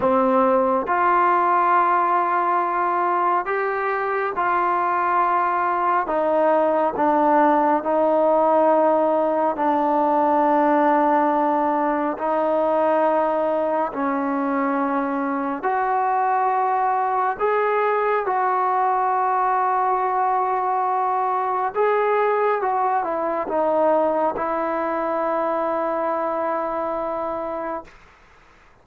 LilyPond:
\new Staff \with { instrumentName = "trombone" } { \time 4/4 \tempo 4 = 69 c'4 f'2. | g'4 f'2 dis'4 | d'4 dis'2 d'4~ | d'2 dis'2 |
cis'2 fis'2 | gis'4 fis'2.~ | fis'4 gis'4 fis'8 e'8 dis'4 | e'1 | }